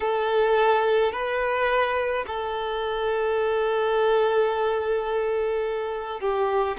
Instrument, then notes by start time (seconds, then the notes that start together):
violin
0.00 A4
1.12 B4
2.26 A4
6.20 G4